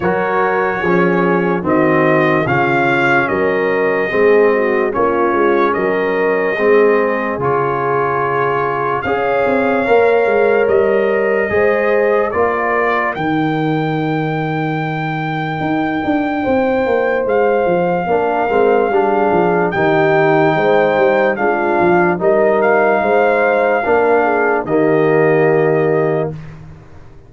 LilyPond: <<
  \new Staff \with { instrumentName = "trumpet" } { \time 4/4 \tempo 4 = 73 cis''2 dis''4 f''4 | dis''2 cis''4 dis''4~ | dis''4 cis''2 f''4~ | f''4 dis''2 d''4 |
g''1~ | g''4 f''2. | g''2 f''4 dis''8 f''8~ | f''2 dis''2 | }
  \new Staff \with { instrumentName = "horn" } { \time 4/4 ais'4 gis'4 fis'4 f'4 | ais'4 gis'8 fis'8 f'4 ais'4 | gis'2. cis''4~ | cis''2 c''4 ais'4~ |
ais'1 | c''2 ais'4 gis'4 | g'4 c''4 f'4 ais'4 | c''4 ais'8 gis'8 g'2 | }
  \new Staff \with { instrumentName = "trombone" } { \time 4/4 fis'4 cis'4 c'4 cis'4~ | cis'4 c'4 cis'2 | c'4 f'2 gis'4 | ais'2 gis'4 f'4 |
dis'1~ | dis'2 d'8 c'8 d'4 | dis'2 d'4 dis'4~ | dis'4 d'4 ais2 | }
  \new Staff \with { instrumentName = "tuba" } { \time 4/4 fis4 f4 dis4 cis4 | fis4 gis4 ais8 gis8 fis4 | gis4 cis2 cis'8 c'8 | ais8 gis8 g4 gis4 ais4 |
dis2. dis'8 d'8 | c'8 ais8 gis8 f8 ais8 gis8 g8 f8 | dis4 gis8 g8 gis8 f8 g4 | gis4 ais4 dis2 | }
>>